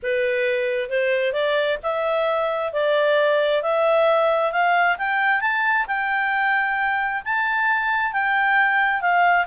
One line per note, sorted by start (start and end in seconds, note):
0.02 0.89 B4
0.89 1.32 C5
1.32 1.78 D5
1.82 2.72 E5
2.72 3.62 D5
3.62 4.51 E5
4.51 4.96 F5
4.97 5.40 G5
5.40 5.85 A5
5.87 7.22 G5
7.24 8.12 A5
8.12 9.01 G5
9.01 9.46 F5